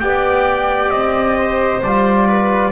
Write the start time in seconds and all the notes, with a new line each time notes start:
0.00 B3 G4 D5 G5
0.90 C4 D#5
1.37 C5
1.83 G3 F4 D5
2.28 B4